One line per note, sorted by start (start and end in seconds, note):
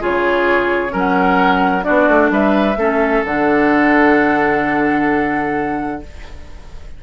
0.00 0.93 C#3
0.00 0.89 F4
0.00 0.93 G#4
0.00 0.96 C#5
0.89 1.86 F#3
0.89 1.81 C#4
0.89 1.85 A#4
0.97 1.84 F#5
1.82 2.08 B3
1.82 2.75 D4
1.82 2.31 F#4
1.82 2.30 D5
2.08 2.30 A3
2.30 2.76 G3
2.30 2.78 B4
2.30 3.25 E5
2.77 3.23 A3
2.77 3.25 C#4
2.77 6.01 A4
3.24 6.01 D3
3.24 6.03 D4
3.24 6.03 F#5